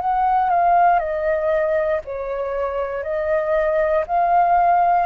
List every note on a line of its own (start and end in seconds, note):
0.00 0.49 F#5
0.49 0.99 F5
0.99 2.01 D#5
2.05 3.03 C#5
3.03 4.05 D#5
4.07 5.06 F5